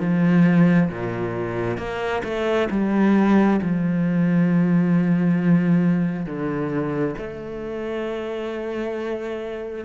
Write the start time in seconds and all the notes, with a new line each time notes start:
0.00 F3
0.90 A#2
1.78 A#3
2.24 A3
2.71 G3
3.62 F3
6.26 D3
7.18 A3